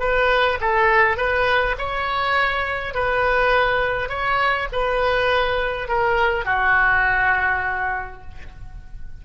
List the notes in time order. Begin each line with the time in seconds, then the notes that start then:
0.00 B4
0.61 A4
1.17 B4
1.79 C#5
2.95 B4
4.09 C#5
4.72 B4
5.89 A#4
6.45 F#4